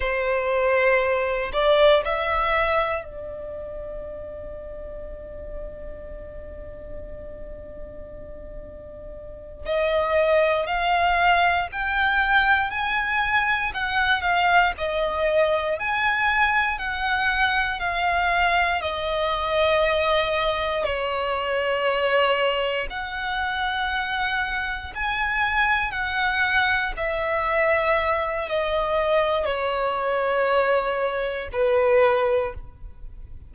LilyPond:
\new Staff \with { instrumentName = "violin" } { \time 4/4 \tempo 4 = 59 c''4. d''8 e''4 d''4~ | d''1~ | d''4. dis''4 f''4 g''8~ | g''8 gis''4 fis''8 f''8 dis''4 gis''8~ |
gis''8 fis''4 f''4 dis''4.~ | dis''8 cis''2 fis''4.~ | fis''8 gis''4 fis''4 e''4. | dis''4 cis''2 b'4 | }